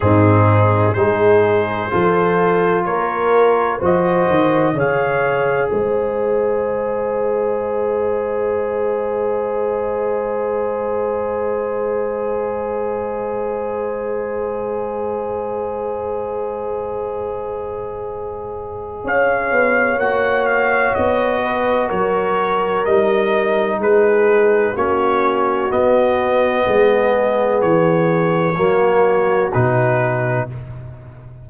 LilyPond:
<<
  \new Staff \with { instrumentName = "trumpet" } { \time 4/4 \tempo 4 = 63 gis'4 c''2 cis''4 | dis''4 f''4 dis''2~ | dis''1~ | dis''1~ |
dis''1 | f''4 fis''8 f''8 dis''4 cis''4 | dis''4 b'4 cis''4 dis''4~ | dis''4 cis''2 b'4 | }
  \new Staff \with { instrumentName = "horn" } { \time 4/4 dis'4 gis'4 a'4 ais'4 | c''4 cis''4 c''2~ | c''1~ | c''1~ |
c''1 | cis''2~ cis''8 b'8 ais'4~ | ais'4 gis'4 fis'2 | gis'2 fis'2 | }
  \new Staff \with { instrumentName = "trombone" } { \time 4/4 c'4 dis'4 f'2 | fis'4 gis'2.~ | gis'1~ | gis'1~ |
gis'1~ | gis'4 fis'2. | dis'2 cis'4 b4~ | b2 ais4 dis'4 | }
  \new Staff \with { instrumentName = "tuba" } { \time 4/4 gis,4 gis4 f4 ais4 | f8 dis8 cis4 gis2~ | gis1~ | gis1~ |
gis1 | cis'8 b8 ais4 b4 fis4 | g4 gis4 ais4 b4 | gis4 e4 fis4 b,4 | }
>>